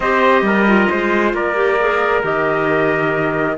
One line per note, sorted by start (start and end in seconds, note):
0.00 0.42 C4
0.00 0.67 G4
0.00 0.45 C5
0.00 1.33 D#5
0.42 0.86 G3
0.42 0.90 A#4
0.67 1.55 F4
0.90 1.33 G#3
0.90 1.35 C5
1.33 2.23 A#3
1.33 3.57 A#4
1.33 2.24 D5
1.55 1.77 G4
1.79 2.22 G#4
2.22 3.57 D#3
2.22 3.57 G4
2.22 3.57 D#5